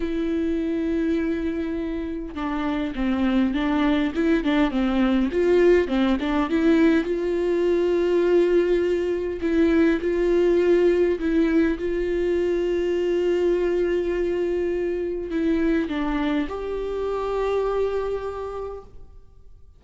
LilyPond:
\new Staff \with { instrumentName = "viola" } { \time 4/4 \tempo 4 = 102 e'1 | d'4 c'4 d'4 e'8 d'8 | c'4 f'4 c'8 d'8 e'4 | f'1 |
e'4 f'2 e'4 | f'1~ | f'2 e'4 d'4 | g'1 | }